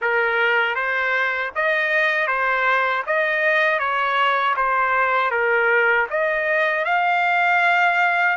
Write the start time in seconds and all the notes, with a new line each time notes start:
0.01 A#4
0.75 C5
1.55 D#5
2.27 C5
3.06 D#5
3.79 C#5
4.56 C5
5.31 A#4
6.10 D#5
6.84 F5